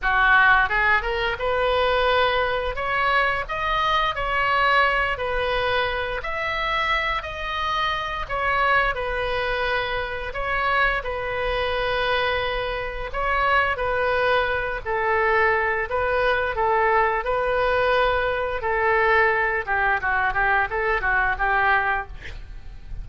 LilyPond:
\new Staff \with { instrumentName = "oboe" } { \time 4/4 \tempo 4 = 87 fis'4 gis'8 ais'8 b'2 | cis''4 dis''4 cis''4. b'8~ | b'4 e''4. dis''4. | cis''4 b'2 cis''4 |
b'2. cis''4 | b'4. a'4. b'4 | a'4 b'2 a'4~ | a'8 g'8 fis'8 g'8 a'8 fis'8 g'4 | }